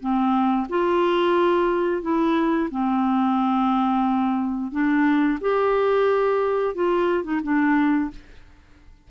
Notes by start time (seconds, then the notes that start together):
0.00 C4
0.69 F4
2.02 E4
2.71 C4
4.72 D4
5.41 G4
6.75 F4
7.24 D#4
7.43 D4